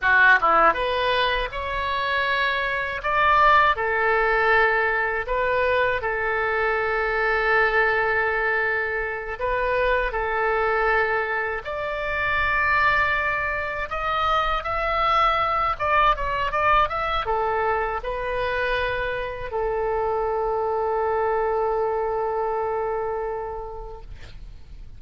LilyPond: \new Staff \with { instrumentName = "oboe" } { \time 4/4 \tempo 4 = 80 fis'8 e'8 b'4 cis''2 | d''4 a'2 b'4 | a'1~ | a'8 b'4 a'2 d''8~ |
d''2~ d''8 dis''4 e''8~ | e''4 d''8 cis''8 d''8 e''8 a'4 | b'2 a'2~ | a'1 | }